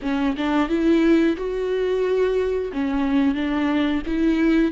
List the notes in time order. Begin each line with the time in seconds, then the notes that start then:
0.02 C#4
0.37 D4
0.69 E4
1.36 F#4
2.72 C#4
3.34 D4
4.06 E4